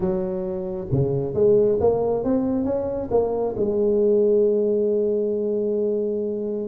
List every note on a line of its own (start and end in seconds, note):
0.00 0.87 F#3
0.91 1.34 C#3
1.34 1.78 G#3
1.80 2.23 A#3
2.23 2.64 C4
2.64 3.09 C#4
3.11 3.55 A#3
3.56 6.67 G#3